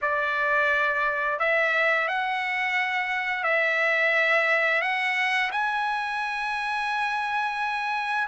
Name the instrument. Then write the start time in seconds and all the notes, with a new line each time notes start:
trumpet
0.01 D5
1.39 E5
2.08 F#5
3.43 E5
4.81 F#5
5.51 G#5